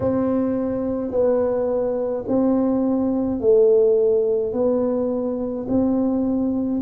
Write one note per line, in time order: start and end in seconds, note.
0.00 1.11 C4
1.11 2.24 B3
2.27 3.40 C4
3.40 4.53 A3
4.53 5.66 B3
5.68 6.81 C4